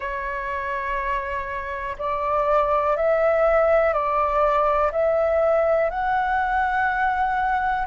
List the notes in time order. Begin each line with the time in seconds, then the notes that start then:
0.00 C#5
1.98 D5
2.96 E5
3.93 D5
4.91 E5
5.90 F#5